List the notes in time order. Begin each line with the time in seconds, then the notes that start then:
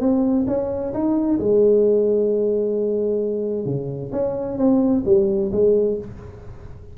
0.00 C4
0.47 C#4
0.93 D#4
1.39 G#3
3.65 C#3
4.12 C#4
4.58 C4
5.05 G3
5.52 G#3